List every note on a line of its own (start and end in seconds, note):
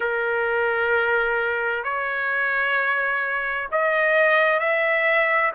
0.00 1.83 A#4
1.83 3.68 C#5
3.71 4.59 D#5
4.59 5.51 E5